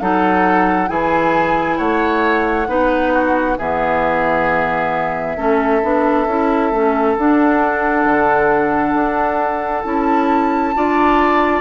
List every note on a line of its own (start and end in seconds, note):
0.00 0.89 F#3
0.00 0.87 D#4
0.00 0.90 A4
0.00 0.89 F#5
0.87 1.79 E3
0.87 2.66 E4
0.87 1.78 G#4
0.87 1.78 G#5
1.78 2.68 A3
1.78 2.68 C#5
1.78 3.57 F#5
2.68 3.58 B3
2.68 3.57 D#4
2.68 3.13 B4
3.13 3.58 F#4
3.58 5.37 E3
3.58 5.37 B3
3.58 5.37 G#4
3.58 7.17 E5
5.37 5.82 A3
5.37 5.82 C#4
5.37 10.75 A4
5.82 6.26 B3
5.82 6.27 D4
6.26 6.71 C#4
6.26 6.73 E4
6.71 7.16 A3
6.71 7.18 C#4
7.18 8.05 D4
7.18 9.85 D4
7.18 9.83 F#5
8.05 8.94 D3
8.94 9.84 D4
9.83 10.75 C#4
9.83 10.74 E4
9.83 11.61 A5
10.75 11.61 D4
10.75 11.61 F4
10.75 11.61 D5